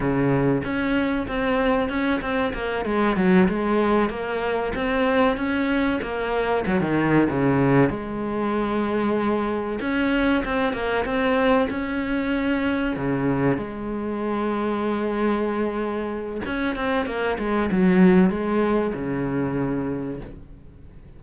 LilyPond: \new Staff \with { instrumentName = "cello" } { \time 4/4 \tempo 4 = 95 cis4 cis'4 c'4 cis'8 c'8 | ais8 gis8 fis8 gis4 ais4 c'8~ | c'8 cis'4 ais4 fis16 dis8. cis8~ | cis8 gis2. cis'8~ |
cis'8 c'8 ais8 c'4 cis'4.~ | cis'8 cis4 gis2~ gis8~ | gis2 cis'8 c'8 ais8 gis8 | fis4 gis4 cis2 | }